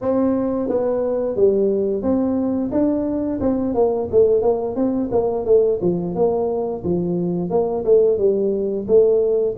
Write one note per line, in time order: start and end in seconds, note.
0.01 0.68 C4
0.68 1.36 B3
1.36 2.02 G3
2.02 2.70 C4
2.71 3.39 D4
3.40 3.74 C4
3.74 4.08 A#3
4.11 4.42 A3
4.42 4.75 A#3
4.75 5.09 C4
5.11 5.45 A#3
5.45 5.79 A3
5.81 6.15 F3
6.15 6.83 A#3
6.84 7.50 F3
7.50 7.84 A#3
7.84 8.18 A3
8.18 8.86 G3
8.87 9.55 A3